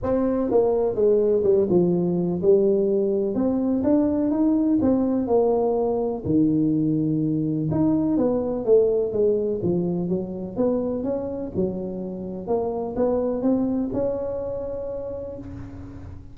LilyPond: \new Staff \with { instrumentName = "tuba" } { \time 4/4 \tempo 4 = 125 c'4 ais4 gis4 g8 f8~ | f4 g2 c'4 | d'4 dis'4 c'4 ais4~ | ais4 dis2. |
dis'4 b4 a4 gis4 | f4 fis4 b4 cis'4 | fis2 ais4 b4 | c'4 cis'2. | }